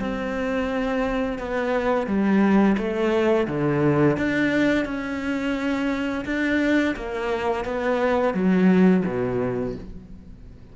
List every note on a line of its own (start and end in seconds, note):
0.00 1.39 C4
1.39 2.07 B3
2.07 2.77 G3
2.78 3.48 A3
3.48 4.18 D3
4.18 4.86 D4
4.86 6.25 C#4
6.26 6.96 D4
6.97 7.66 A#3
7.66 8.34 B3
8.34 9.04 F#3
9.06 9.76 B2